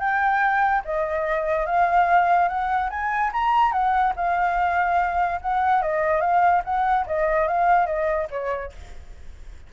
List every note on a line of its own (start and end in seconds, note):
0.00 0.83 G5
0.85 1.66 D#5
1.66 2.49 F5
2.49 2.90 F#5
2.90 3.32 G#5
3.33 3.72 A#5
3.72 4.14 F#5
4.16 5.41 F5
5.42 5.82 F#5
5.82 6.21 D#5
6.21 6.63 F5
6.65 7.06 F#5
7.07 7.48 D#5
7.48 7.87 F5
7.87 8.28 D#5
8.31 8.72 C#5